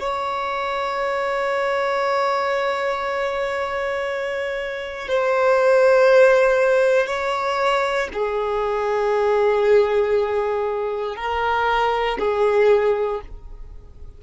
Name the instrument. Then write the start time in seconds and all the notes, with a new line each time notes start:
violin
0.00 C#5
5.08 C5
7.07 C#5
8.14 G#4
11.17 A#4
12.19 G#4